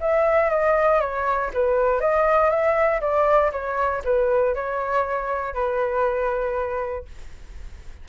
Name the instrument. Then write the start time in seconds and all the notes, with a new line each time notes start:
flute
0.00 E5
0.50 D#5
1.00 C#5
1.53 B4
2.00 D#5
2.50 E5
3.00 D5
3.52 C#5
4.04 B4
4.55 C#5
5.54 B4